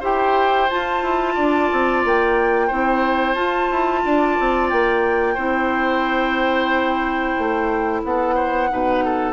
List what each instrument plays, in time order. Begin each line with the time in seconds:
0.00 bassoon E4, clarinet G4, oboe C5, flute G5
0.70 clarinet F4, bassoon F4, flute A5
1.03 bassoon E4
1.35 bassoon D4, oboe D5
1.72 bassoon C4
2.05 bassoon A#3, flute G5
2.67 bassoon C4, clarinet E4, oboe C5
3.35 bassoon F4, clarinet F4, flute A5
3.71 bassoon E4
4.05 bassoon D4, oboe D5
4.40 bassoon C4
4.70 bassoon A#3, flute G5
5.34 bassoon C4, clarinet E4, oboe C5
7.38 bassoon A3
8.04 bassoon B3, oboe A4, flute F#5
8.35 oboe C5
8.69 bassoon B2, clarinet D#4, oboe B4
9.05 oboe A4